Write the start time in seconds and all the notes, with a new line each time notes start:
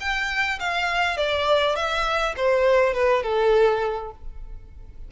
0.00 G5
0.59 F5
1.17 D5
1.76 E5
2.36 C5
2.94 B4
3.23 A4